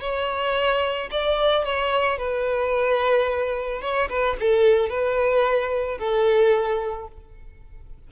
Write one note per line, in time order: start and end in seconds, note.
0.00 1.09 C#5
1.11 1.64 D5
1.64 2.18 C#5
2.18 3.81 B4
3.81 4.09 C#5
4.09 4.36 B4
4.40 4.89 A4
4.89 5.98 B4
5.98 7.07 A4